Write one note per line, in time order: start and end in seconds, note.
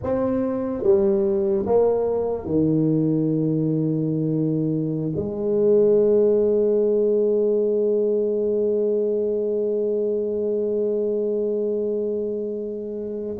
0.03 0.83 C4
0.83 1.65 G3
1.66 2.45 A#3
2.45 5.12 D#3
5.15 13.37 G#3